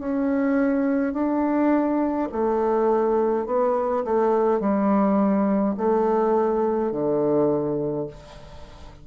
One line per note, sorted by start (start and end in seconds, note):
0.00 1.14 C#4
1.14 2.29 D4
2.33 3.47 A3
3.47 4.04 B3
4.05 4.60 A3
4.60 5.76 G3
5.77 6.92 A3
6.92 8.07 D3